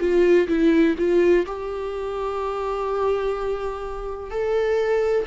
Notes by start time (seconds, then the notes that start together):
0.00 F4
0.48 E4
0.98 F4
1.46 G4
4.31 A4